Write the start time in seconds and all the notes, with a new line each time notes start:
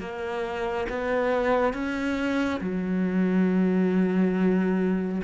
0.00 A#3
0.89 B3
1.74 C#4
2.60 F#3